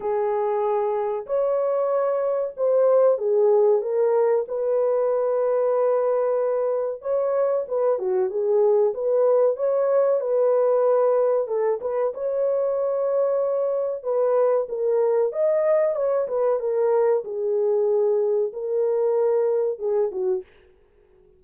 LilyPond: \new Staff \with { instrumentName = "horn" } { \time 4/4 \tempo 4 = 94 gis'2 cis''2 | c''4 gis'4 ais'4 b'4~ | b'2. cis''4 | b'8 fis'8 gis'4 b'4 cis''4 |
b'2 a'8 b'8 cis''4~ | cis''2 b'4 ais'4 | dis''4 cis''8 b'8 ais'4 gis'4~ | gis'4 ais'2 gis'8 fis'8 | }